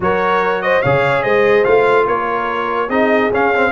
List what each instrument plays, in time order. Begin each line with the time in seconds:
0.00 tuba F#3, trombone F#4, horn A#4, trumpet C#5
0.62 horn C5, trumpet D#5
0.81 tuba C#3, trombone G#4, horn C#5, trumpet F5
1.22 tuba G#3, horn C5, trumpet D#5
1.64 tuba A3, trombone F4, trumpet F5
2.06 tuba A#3, horn A#4, trumpet C#5
2.87 tuba C4, trombone D#4, horn G#4, trumpet D#5
3.31 tuba C#4, trombone C#4, trumpet F5
3.54 trombone C4